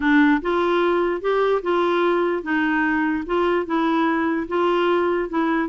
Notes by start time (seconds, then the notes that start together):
0.00 D4
0.41 F4
1.21 G4
1.62 F4
2.43 D#4
3.26 F4
3.66 E4
4.48 F4
5.29 E4